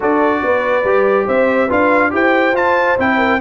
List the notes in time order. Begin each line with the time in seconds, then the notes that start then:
0.00 D4 F#4 A4 D5
0.43 B3 B4
0.84 G3 G4
1.26 C4 C5 E5
1.66 D4 F4 B4 F5
2.10 E4 G4 C5 G5
2.53 F4 A5
2.98 C4 E4 G5
3.17 A#4